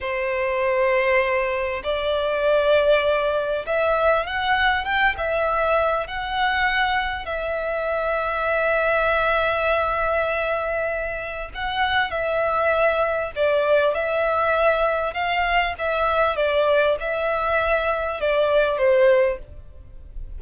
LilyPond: \new Staff \with { instrumentName = "violin" } { \time 4/4 \tempo 4 = 99 c''2. d''4~ | d''2 e''4 fis''4 | g''8 e''4. fis''2 | e''1~ |
e''2. fis''4 | e''2 d''4 e''4~ | e''4 f''4 e''4 d''4 | e''2 d''4 c''4 | }